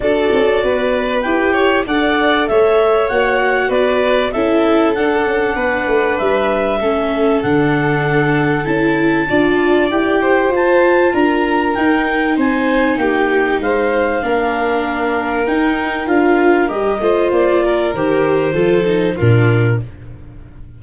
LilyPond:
<<
  \new Staff \with { instrumentName = "clarinet" } { \time 4/4 \tempo 4 = 97 d''2 g''4 fis''4 | e''4 fis''4 d''4 e''4 | fis''2 e''2 | fis''2 a''2 |
g''4 a''4 ais''4 g''4 | gis''4 g''4 f''2~ | f''4 g''4 f''4 dis''4 | d''4 c''2 ais'4 | }
  \new Staff \with { instrumentName = "violin" } { \time 4/4 a'4 b'4. cis''8 d''4 | cis''2 b'4 a'4~ | a'4 b'2 a'4~ | a'2. d''4~ |
d''8 c''4. ais'2 | c''4 g'4 c''4 ais'4~ | ais'2.~ ais'8 c''8~ | c''8 ais'4. a'4 f'4 | }
  \new Staff \with { instrumentName = "viola" } { \time 4/4 fis'2 g'4 a'4~ | a'4 fis'2 e'4 | d'2. cis'4 | d'2 e'4 f'4 |
g'4 f'2 dis'4~ | dis'2. d'4~ | d'4 dis'4 f'4 g'8 f'8~ | f'4 g'4 f'8 dis'8 d'4 | }
  \new Staff \with { instrumentName = "tuba" } { \time 4/4 d'8 cis'8 b4 e'4 d'4 | a4 ais4 b4 cis'4 | d'8 cis'8 b8 a8 g4 a4 | d2 cis'4 d'4 |
e'4 f'4 d'4 dis'4 | c'4 ais4 gis4 ais4~ | ais4 dis'4 d'4 g8 a8 | ais4 dis4 f4 ais,4 | }
>>